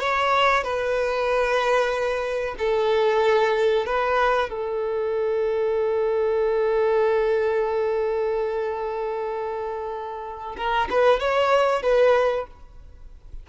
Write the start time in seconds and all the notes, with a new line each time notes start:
0.00 C#5
0.64 B4
2.59 A4
3.86 B4
4.50 A4
10.57 A#4
10.90 B4
11.19 C#5
11.83 B4